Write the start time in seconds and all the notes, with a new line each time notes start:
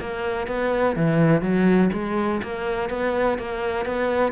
0.00 A#3
0.47 B3
0.96 E3
1.41 F#3
1.92 G#3
2.42 A#3
2.89 B3
3.38 A#3
3.85 B3